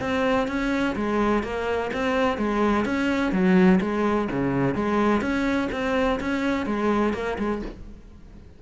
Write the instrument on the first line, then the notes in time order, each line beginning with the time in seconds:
cello
0.00 C4
0.48 C#4
0.96 G#3
1.43 A#3
1.93 C4
2.38 G#3
2.85 C#4
3.32 F#3
3.81 G#3
4.31 C#3
4.75 G#3
5.21 C#4
5.72 C4
6.20 C#4
6.66 G#3
7.14 A#3
7.39 G#3